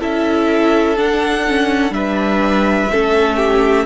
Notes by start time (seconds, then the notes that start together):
0.00 C#4 E4 A4 E5
0.97 D4 F#5
1.48 C#4
1.90 G3 D4 B4 E5
2.91 A3 C#4 A4
3.37 G4